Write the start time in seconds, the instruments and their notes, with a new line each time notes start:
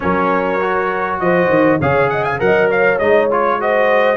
0.00 tuba F#3, trombone C#4, horn A#4, trumpet C#5
0.60 trombone F#4
1.19 tuba F3, horn C5, trumpet D#5
1.48 tuba D#3
1.79 tuba C#3, trombone G#4, horn C#5, trumpet F5
2.09 horn D#5, trumpet F#5
2.24 horn F5, trumpet G#5
2.39 tuba F#3, trombone A#4, horn D#5, trumpet F#5
2.69 horn C#5, trumpet F5
2.98 tuba G#3, trombone D#4, trumpet D#5
3.30 trombone F4, trumpet C#5
3.60 trombone F#4, horn C5, trumpet D#5